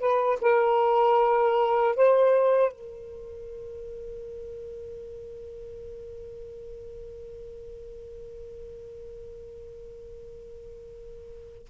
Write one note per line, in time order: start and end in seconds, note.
0.00 0.39 B4
0.41 1.96 A#4
1.96 2.72 C5
2.72 11.68 A#4